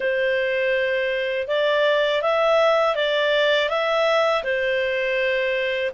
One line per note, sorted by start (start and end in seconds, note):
0.00 1.47 C5
1.47 2.22 D5
2.22 2.95 E5
2.95 3.69 D5
3.69 4.43 E5
4.43 5.91 C5